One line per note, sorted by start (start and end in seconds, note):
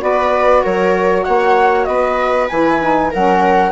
0.00 0.63 B3
0.00 2.47 F#4
0.00 0.63 B4
0.00 0.64 D5
0.63 1.27 F#3
0.63 1.25 A#4
0.63 1.24 C#5
1.24 1.88 A#3
1.24 1.87 C#5
1.24 1.85 F#5
1.85 2.49 B3
1.85 3.11 B4
1.85 2.47 D#5
2.49 3.13 E3
2.49 2.81 E4
2.49 3.11 G#5
2.81 3.12 D#4
3.11 3.72 F#3
3.11 3.72 C#4
3.11 3.72 A#4
3.11 3.72 F#5